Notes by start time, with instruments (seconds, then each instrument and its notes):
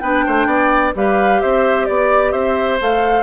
0.00 bassoon B3, clarinet D4, oboe B4, flute G5
0.26 bassoon A3, oboe C5
0.46 bassoon B3, oboe D5
0.95 bassoon G3, clarinet G4, oboe B4, flute F5
1.41 bassoon C4, oboe C5, flute E5
1.85 bassoon B3, flute D5, oboe D5
2.32 bassoon C4, oboe C5, flute E5
2.81 bassoon A3, clarinet A4, flute F5